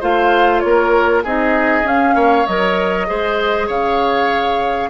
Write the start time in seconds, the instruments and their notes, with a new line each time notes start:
0.00 bassoon A3, clarinet F4, oboe C5, flute F5
0.60 bassoon A#3, flute C#5
0.67 oboe A#4
1.24 bassoon C4, clarinet D#4, oboe G#4, flute D#5
1.83 bassoon C#4, clarinet C#4, flute F5
2.15 bassoon A#3, oboe C#5
2.46 bassoon F#3, clarinet A#4, flute D#5
3.07 bassoon G#3, clarinet G#4, oboe C5
3.67 bassoon C#3, oboe C#5, flute F5